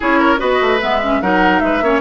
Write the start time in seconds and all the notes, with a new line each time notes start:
0.00 C#4 E4 G#4 C#5
0.19 A#4
0.38 B3 F#4 B4 D#5
0.61 A3
0.81 G#3 B3 E5
1.02 C#4
1.21 F#3 D#4 A#4 F#5
1.59 G#3 E5
1.65 B4
1.81 A#3 C#4 C#5